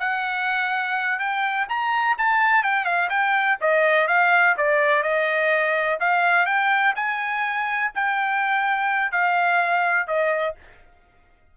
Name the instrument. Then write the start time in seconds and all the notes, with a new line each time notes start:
trumpet
0.00 F#5
1.20 G5
1.69 A#5
2.18 A5
2.64 G5
2.85 F5
3.10 G5
3.61 D#5
4.08 F5
4.58 D5
5.03 D#5
6.00 F5
6.47 G5
6.96 G#5
7.95 G5
9.12 F5
10.08 D#5